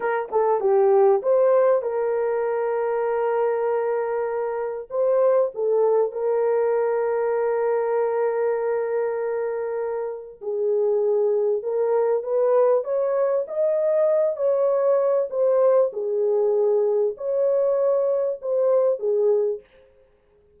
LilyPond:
\new Staff \with { instrumentName = "horn" } { \time 4/4 \tempo 4 = 98 ais'8 a'8 g'4 c''4 ais'4~ | ais'1 | c''4 a'4 ais'2~ | ais'1~ |
ais'4 gis'2 ais'4 | b'4 cis''4 dis''4. cis''8~ | cis''4 c''4 gis'2 | cis''2 c''4 gis'4 | }